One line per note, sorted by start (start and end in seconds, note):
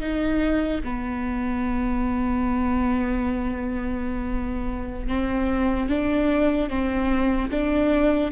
0.00 0.81 D#4
0.84 5.07 B3
5.07 5.89 C4
5.89 6.69 D4
6.69 7.50 C4
7.51 8.31 D4